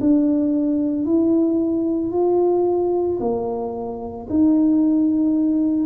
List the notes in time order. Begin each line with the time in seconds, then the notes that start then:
0.00 D4
1.05 E4
2.11 F4
3.19 A#3
4.29 D#4